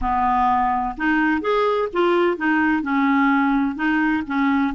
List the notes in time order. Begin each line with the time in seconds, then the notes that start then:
0.01 B3
0.97 D#4
1.41 G#4
1.92 F4
2.37 D#4
2.82 C#4
3.75 D#4
4.26 C#4